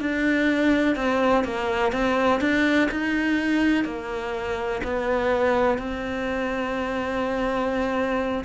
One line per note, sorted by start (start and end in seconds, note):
0.00 0.95 D4
0.95 1.44 C4
1.44 1.92 A#3
1.92 2.40 C4
2.40 2.89 D4
2.90 3.84 D#4
3.84 4.81 A#3
4.83 5.78 B3
5.78 8.44 C4